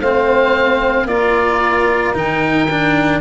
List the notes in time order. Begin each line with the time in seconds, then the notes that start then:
0.00 A3 C4 C5 F5
1.04 A#3 F4 A#4 D5
2.14 D#3 D#4 G5
2.70 D4